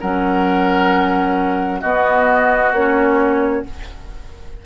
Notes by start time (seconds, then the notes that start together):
0.00 F#3 C#4 A#4 F#5
1.80 B3 F#4 D#5
2.71 A#3 C#4 C#5